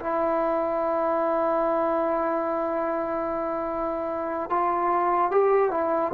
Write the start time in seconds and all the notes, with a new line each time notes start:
0.00 E4
4.50 F4
5.31 G4
5.71 E4